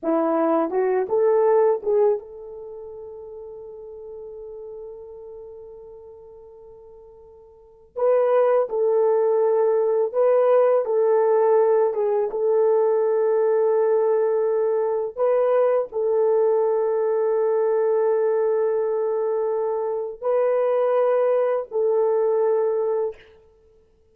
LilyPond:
\new Staff \with { instrumentName = "horn" } { \time 4/4 \tempo 4 = 83 e'4 fis'8 a'4 gis'8 a'4~ | a'1~ | a'2. b'4 | a'2 b'4 a'4~ |
a'8 gis'8 a'2.~ | a'4 b'4 a'2~ | a'1 | b'2 a'2 | }